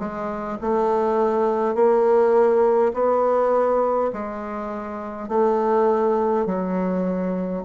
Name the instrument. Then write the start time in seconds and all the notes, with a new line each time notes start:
bassoon
0.00 G#3
0.62 A3
1.75 A#3
2.94 B3
4.13 G#3
5.29 A3
6.47 F#3